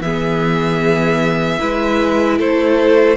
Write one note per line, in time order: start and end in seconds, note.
0.00 1.58 E3
0.00 1.59 B3
0.00 1.60 G#4
0.00 2.38 E5
1.59 2.39 G#3
1.59 3.17 E4
1.59 2.38 B4
2.38 3.17 A3
2.38 3.17 A4
2.38 3.17 C5